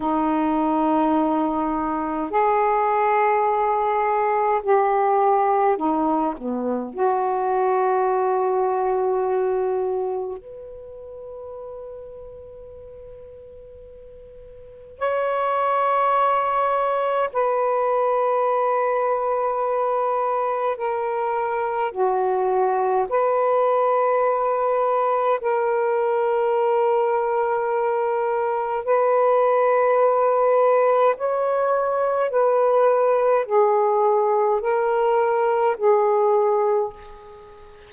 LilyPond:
\new Staff \with { instrumentName = "saxophone" } { \time 4/4 \tempo 4 = 52 dis'2 gis'2 | g'4 dis'8 b8 fis'2~ | fis'4 b'2.~ | b'4 cis''2 b'4~ |
b'2 ais'4 fis'4 | b'2 ais'2~ | ais'4 b'2 cis''4 | b'4 gis'4 ais'4 gis'4 | }